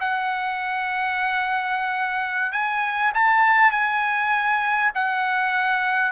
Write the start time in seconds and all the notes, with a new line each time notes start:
0.00 F#5
2.52 G#5
3.14 A5
3.71 G#5
4.95 F#5